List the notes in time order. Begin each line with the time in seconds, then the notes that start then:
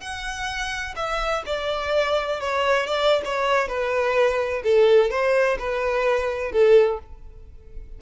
0.00 F#5
0.96 E5
1.46 D5
2.40 C#5
2.86 D5
3.24 C#5
3.68 B4
4.63 A4
5.10 C5
5.58 B4
6.52 A4